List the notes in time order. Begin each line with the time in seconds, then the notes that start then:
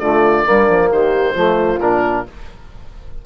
0.00 D3 A3 F4 D5
0.45 G3 A#3 D4
0.69 F3
0.91 D#3 G4 C5
1.34 F3 A3 F4
1.80 A#2 D4 A#4